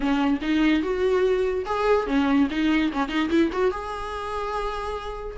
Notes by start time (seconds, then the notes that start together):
0.00 C#4
0.41 D#4
0.82 F#4
1.65 G#4
2.06 C#4
2.50 D#4
2.92 C#4
3.08 D#4
3.29 E4
3.52 F#4
3.71 G#4